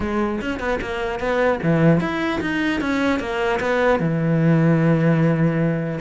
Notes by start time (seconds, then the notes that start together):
0.00 G#3
0.41 C#4
0.59 B3
0.81 A#3
1.19 B3
1.62 E3
2.00 E4
2.40 D#4
2.80 C#4
3.19 A#3
3.60 B3
3.99 E3